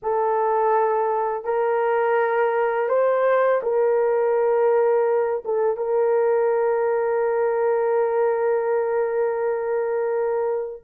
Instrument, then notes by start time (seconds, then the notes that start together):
horn
0.02 A4
1.44 A#4
2.88 C5
3.62 A#4
5.44 A4
5.76 A#4